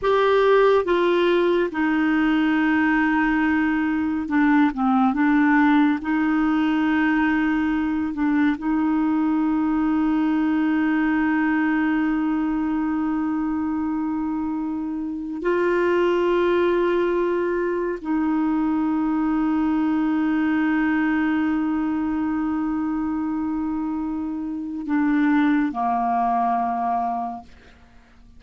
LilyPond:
\new Staff \with { instrumentName = "clarinet" } { \time 4/4 \tempo 4 = 70 g'4 f'4 dis'2~ | dis'4 d'8 c'8 d'4 dis'4~ | dis'4. d'8 dis'2~ | dis'1~ |
dis'2 f'2~ | f'4 dis'2.~ | dis'1~ | dis'4 d'4 ais2 | }